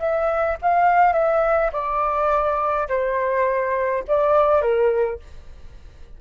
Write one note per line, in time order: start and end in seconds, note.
0.00 0.58 E5
0.62 1.14 F5
1.14 1.71 E5
1.73 2.88 D5
2.89 4.04 C5
4.08 4.62 D5
4.62 5.19 A#4